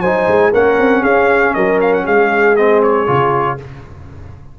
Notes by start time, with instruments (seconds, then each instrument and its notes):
0.00 tuba F#3, trombone D#4, horn C5, trumpet G#5
0.28 tuba G#3
0.52 tuba A#3, trombone C#4, horn A#4, trumpet F#5
0.78 tuba C4
1.02 tuba C#4, horn G#4, trumpet F5
1.54 tuba F#3, horn A#4, trumpet D#5
1.81 trumpet F5
1.93 trumpet F#5
2.05 tuba G#3, horn G#4, trumpet F5
2.56 trombone C4, trumpet D#5
2.83 trumpet C#5
3.07 tuba C#3, trombone F4